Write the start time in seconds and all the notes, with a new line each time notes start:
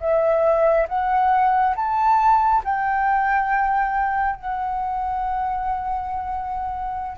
0.00 E5
0.88 F#5
1.75 A5
2.64 G5
4.36 F#5